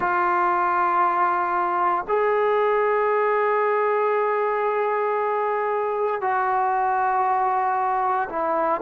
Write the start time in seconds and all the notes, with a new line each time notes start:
0.00 F4
2.08 G#4
6.21 F#4
8.29 E4